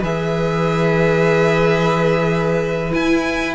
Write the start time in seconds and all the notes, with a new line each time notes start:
0.00 E3 G#4 B4 E5
2.92 E4 G#5